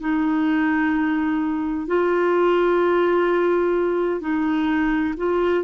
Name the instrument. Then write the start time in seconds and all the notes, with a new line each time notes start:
clarinet
0.00 D#4
1.87 F4
4.21 D#4
5.17 F4